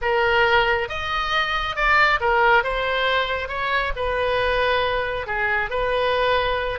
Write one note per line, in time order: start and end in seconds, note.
0.01 0.88 A#4
0.88 1.76 D#5
1.76 2.19 D5
2.20 2.63 A#4
2.63 3.48 C5
3.48 3.92 C#5
3.96 5.27 B4
5.27 5.70 G#4
5.70 6.79 B4